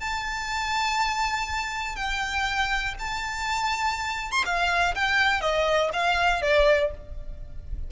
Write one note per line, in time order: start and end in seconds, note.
0.00 1.96 A5
1.96 2.94 G5
2.99 4.31 A5
4.31 4.43 C6
4.45 4.94 F5
4.95 5.41 G5
5.41 5.90 D#5
5.93 6.42 F5
6.42 6.91 D5